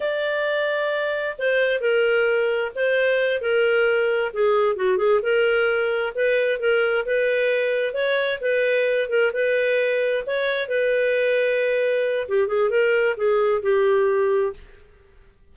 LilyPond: \new Staff \with { instrumentName = "clarinet" } { \time 4/4 \tempo 4 = 132 d''2. c''4 | ais'2 c''4. ais'8~ | ais'4. gis'4 fis'8 gis'8 ais'8~ | ais'4. b'4 ais'4 b'8~ |
b'4. cis''4 b'4. | ais'8 b'2 cis''4 b'8~ | b'2. g'8 gis'8 | ais'4 gis'4 g'2 | }